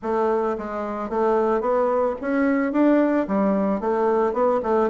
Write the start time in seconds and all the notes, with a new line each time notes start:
0.02 A3
0.58 G#3
1.09 A3
1.60 B3
2.21 C#4
2.72 D4
3.27 G3
3.80 A3
4.33 B3
4.62 A3